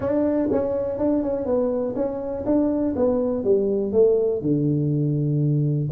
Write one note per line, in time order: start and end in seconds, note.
0.00 0.49 D4
0.51 0.98 C#4
0.98 1.22 D4
1.22 1.45 C#4
1.45 1.94 B3
1.95 2.45 C#4
2.45 2.94 D4
2.96 3.44 B3
3.44 3.92 G3
3.92 4.41 A3
4.41 5.89 D3